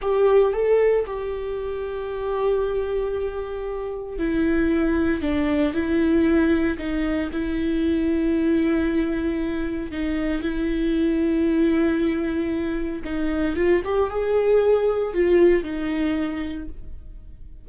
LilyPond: \new Staff \with { instrumentName = "viola" } { \time 4/4 \tempo 4 = 115 g'4 a'4 g'2~ | g'1 | e'2 d'4 e'4~ | e'4 dis'4 e'2~ |
e'2. dis'4 | e'1~ | e'4 dis'4 f'8 g'8 gis'4~ | gis'4 f'4 dis'2 | }